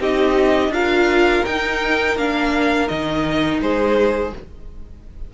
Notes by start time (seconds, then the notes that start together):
0.00 C4 D#4 G4 D#5
0.69 D4 F4 A#4 F5
1.45 D#4 G5
2.16 A#3 D4 F5
2.87 D#3 D#4 D#5
3.60 G#3 G#4 C5